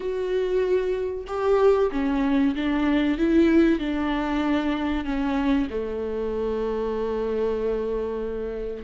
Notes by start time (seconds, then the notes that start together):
0.00 F#4
1.27 G4
1.91 C#4
2.55 D4
3.18 E4
3.79 D4
5.04 C#4
5.70 A3